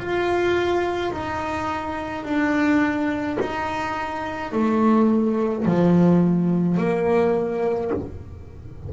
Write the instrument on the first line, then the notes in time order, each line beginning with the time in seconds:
double bass
0.00 F4
1.12 D#4
2.25 D4
3.41 D#4
4.52 A3
5.66 F3
6.78 A#3